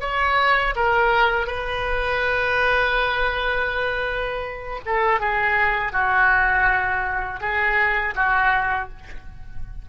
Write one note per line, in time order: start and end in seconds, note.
0.00 0.74 C#5
0.75 1.46 A#4
1.46 4.80 B4
4.85 5.20 A4
5.20 5.92 G#4
5.92 7.40 F#4
7.40 8.14 G#4
8.15 8.89 F#4